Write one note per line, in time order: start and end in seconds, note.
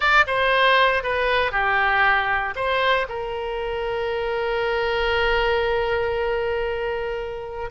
0.00 0.25 D5
0.26 1.03 C5
1.03 1.51 B4
1.51 2.54 G4
2.55 3.06 C5
3.09 7.70 A#4